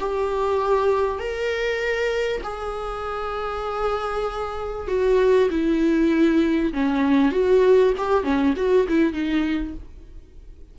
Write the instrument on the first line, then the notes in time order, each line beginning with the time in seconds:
viola
0.00 G4
1.19 A#4
2.43 G#4
4.88 F#4
5.50 E4
6.73 C#4
7.32 F#4
7.98 G4
8.23 C#4
8.56 F#4
8.89 E4
9.13 D#4